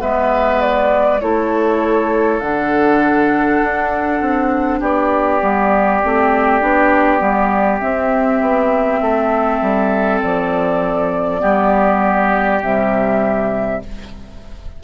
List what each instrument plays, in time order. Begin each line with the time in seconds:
0.00 bassoon G#3, clarinet B3, oboe B4, flute E5
0.60 flute D5
1.20 bassoon A3, clarinet E4, oboe A4, flute C#5
2.39 bassoon D3, clarinet D4, flute F#5
3.63 bassoon D4
4.21 bassoon C4
4.79 bassoon B3, oboe G4, flute D5
5.41 bassoon G3, clarinet B3
6.04 bassoon A3, clarinet C4
6.61 bassoon B3, clarinet D4
7.19 bassoon G3, clarinet B3
7.79 clarinet C4, bassoon C4, flute E5
8.41 bassoon B3
9.01 bassoon A3, oboe A4
9.61 bassoon G3
10.22 bassoon F3, flute D5
11.39 bassoon G3, clarinet B3, oboe G4
12.62 bassoon C3, clarinet G3, flute E5